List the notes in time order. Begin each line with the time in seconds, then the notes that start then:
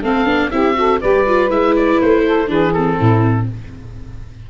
0.00 A3 C4 A4 F5
0.25 B3 D4
0.50 C4 E4 G4 E5
0.74 F#4 A4
1.00 G3 G4 B4 D5
1.27 F4
1.49 G#3 E4 E5
1.76 D5
2.01 A3 C5
2.26 A4
2.47 E3 D4 G#4 B4
2.73 C4 A4
2.96 A2 E4